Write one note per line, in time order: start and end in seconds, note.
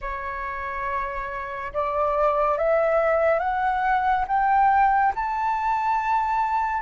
0.01 1.72 C#5
1.73 2.57 D5
2.57 3.39 E5
3.39 4.25 F#5
4.27 5.13 G5
5.15 6.82 A5